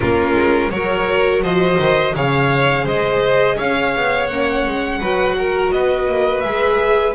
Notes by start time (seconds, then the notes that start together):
0.00 A#3 C#4 F4 A#4
0.34 G#3
0.70 F#3 F#4 A#4 C#5
1.42 F3 C5 D#5
1.79 D#3
2.15 C#3 G#4 C#5 F5
2.84 G#3 C5 D#5
3.56 C#4 C#5 F5
3.96 B3
4.26 A#3 C#4 F#5
4.66 G#3
5.00 F#3 F#4 B4
5.38 A#4
5.71 B3 B4 D#5
6.07 A#3
6.40 G#3 G#4 E5